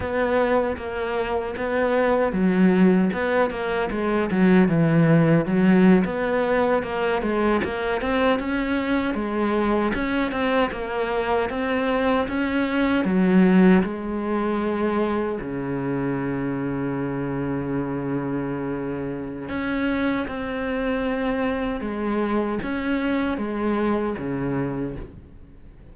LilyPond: \new Staff \with { instrumentName = "cello" } { \time 4/4 \tempo 4 = 77 b4 ais4 b4 fis4 | b8 ais8 gis8 fis8 e4 fis8. b16~ | b8. ais8 gis8 ais8 c'8 cis'4 gis16~ | gis8. cis'8 c'8 ais4 c'4 cis'16~ |
cis'8. fis4 gis2 cis16~ | cis1~ | cis4 cis'4 c'2 | gis4 cis'4 gis4 cis4 | }